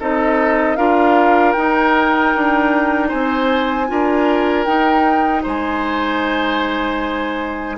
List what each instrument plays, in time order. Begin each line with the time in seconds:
0.00 bassoon C4, clarinet D#4, oboe A4, flute D#5
0.76 bassoon D4, clarinet F4, oboe A#4, flute F5
1.53 clarinet D#4, bassoon D#4, flute G5
2.35 bassoon D4
3.08 bassoon C4, oboe C5, flute G#5
3.88 bassoon D4, clarinet F4, oboe A#4
4.65 bassoon D#4, clarinet D#4, flute G5
5.43 bassoon G#3, oboe C5, flute G#5